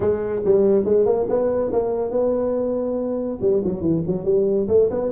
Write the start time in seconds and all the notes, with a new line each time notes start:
0.00 G#3
0.44 G3
0.84 G#3
1.05 A#3
1.29 B3
1.72 A#3
2.11 B3
3.41 G3
3.64 F#3
3.81 E3
4.07 F#3
4.25 G3
4.68 A3
4.90 B3